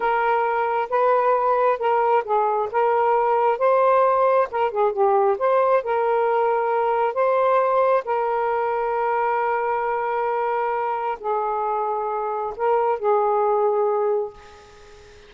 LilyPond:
\new Staff \with { instrumentName = "saxophone" } { \time 4/4 \tempo 4 = 134 ais'2 b'2 | ais'4 gis'4 ais'2 | c''2 ais'8 gis'8 g'4 | c''4 ais'2. |
c''2 ais'2~ | ais'1~ | ais'4 gis'2. | ais'4 gis'2. | }